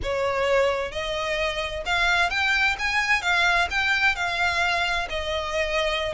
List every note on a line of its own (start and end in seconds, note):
0.02 0.91 C#5
0.91 1.84 D#5
1.85 2.30 F5
2.30 2.76 G5
2.78 3.22 G#5
3.22 3.68 F5
3.70 4.15 G5
4.15 5.07 F5
5.09 6.13 D#5